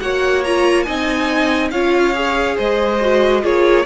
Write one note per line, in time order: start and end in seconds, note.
0.00 0.87 A#3
0.00 0.44 F#4
0.00 0.85 C#5
0.00 0.43 F#5
0.44 0.86 F4
0.44 0.82 A#5
0.82 1.71 C4
0.82 1.71 D#4
0.82 1.71 D#5
0.82 1.68 G#5
1.70 2.57 C#4
1.70 2.14 F4
1.70 2.56 C#5
1.70 2.56 F5
2.14 3.00 G#4
2.56 3.44 G#3
2.56 3.41 C5
2.56 3.45 D#5
3.00 3.42 F#4
3.42 3.85 A#3
3.42 3.85 F4
3.42 3.85 G#4
3.42 3.85 C#5